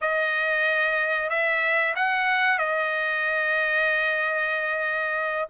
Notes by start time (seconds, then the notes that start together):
0.01 D#5
1.29 E5
1.95 F#5
2.58 D#5